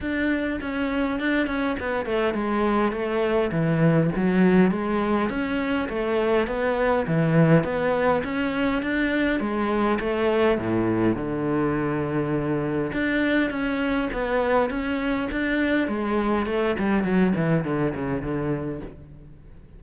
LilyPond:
\new Staff \with { instrumentName = "cello" } { \time 4/4 \tempo 4 = 102 d'4 cis'4 d'8 cis'8 b8 a8 | gis4 a4 e4 fis4 | gis4 cis'4 a4 b4 | e4 b4 cis'4 d'4 |
gis4 a4 a,4 d4~ | d2 d'4 cis'4 | b4 cis'4 d'4 gis4 | a8 g8 fis8 e8 d8 cis8 d4 | }